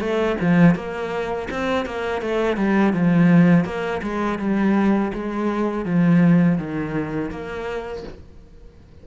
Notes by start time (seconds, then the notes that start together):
0.00 A3
0.41 F3
0.75 A#3
1.51 C4
1.86 A#3
2.22 A3
2.57 G3
2.93 F3
3.65 A#3
4.02 G#3
4.39 G3
5.14 G#3
5.85 F3
6.58 D#3
7.30 A#3